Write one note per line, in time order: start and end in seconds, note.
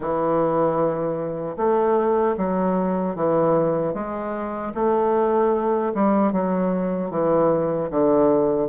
0.00 1.56 E3
1.56 2.35 A3
2.37 3.15 F#3
3.15 3.93 E3
3.93 4.72 G#3
4.74 5.92 A3
5.94 6.32 G3
6.32 7.10 F#3
7.10 7.89 E3
7.90 8.68 D3